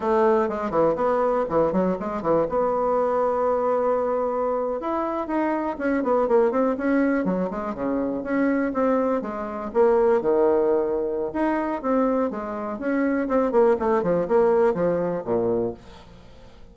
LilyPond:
\new Staff \with { instrumentName = "bassoon" } { \time 4/4 \tempo 4 = 122 a4 gis8 e8 b4 e8 fis8 | gis8 e8 b2.~ | b4.~ b16 e'4 dis'4 cis'16~ | cis'16 b8 ais8 c'8 cis'4 fis8 gis8 cis16~ |
cis8. cis'4 c'4 gis4 ais16~ | ais8. dis2~ dis16 dis'4 | c'4 gis4 cis'4 c'8 ais8 | a8 f8 ais4 f4 ais,4 | }